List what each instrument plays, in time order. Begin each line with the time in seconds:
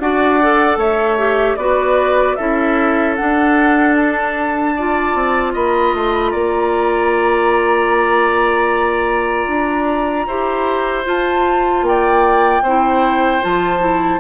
0.00 bassoon D4, clarinet F#4, oboe D5, flute F#5
0.42 clarinet A4
0.77 bassoon A3, oboe C#5, flute E5
1.18 clarinet G4
1.57 bassoon B3, clarinet F#4, oboe B4, flute D5
2.36 bassoon C#4, clarinet E4, oboe A4, flute E5
3.16 clarinet D4, bassoon D4, flute F#5
3.96 flute A5
4.77 clarinet F4, oboe D5
5.15 bassoon C4
5.54 bassoon A#3, oboe D#5, flute B5
5.94 bassoon A3, flute C6
6.14 flute B5
6.31 bassoon A#3, oboe D5, flute A#5
9.47 bassoon D4
10.27 bassoon E4, clarinet G4, oboe C5
11.05 clarinet F4, bassoon F4, flute A5
11.82 bassoon A#3, flute G5
11.89 oboe D5
12.62 bassoon C4, clarinet E4, oboe C5
13.42 bassoon F3, clarinet F4, flute A5
13.80 clarinet E4